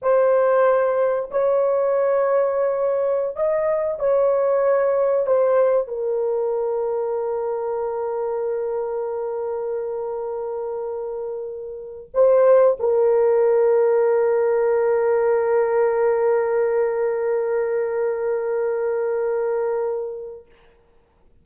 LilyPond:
\new Staff \with { instrumentName = "horn" } { \time 4/4 \tempo 4 = 94 c''2 cis''2~ | cis''4~ cis''16 dis''4 cis''4.~ cis''16~ | cis''16 c''4 ais'2~ ais'8.~ | ais'1~ |
ais'2. c''4 | ais'1~ | ais'1~ | ais'1 | }